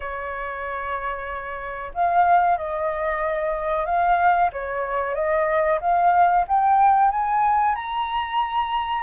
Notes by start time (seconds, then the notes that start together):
0.00 C#5
1.94 F5
2.57 D#5
3.85 F5
4.52 C#5
5.14 D#5
5.81 F5
6.47 G5
7.10 G#5
7.75 A#5